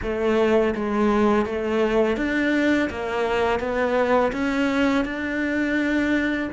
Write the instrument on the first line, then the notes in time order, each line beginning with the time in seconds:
cello
0.02 A3
0.75 G#3
1.45 A3
2.17 D4
2.90 A#3
3.59 B3
4.32 C#4
5.04 D4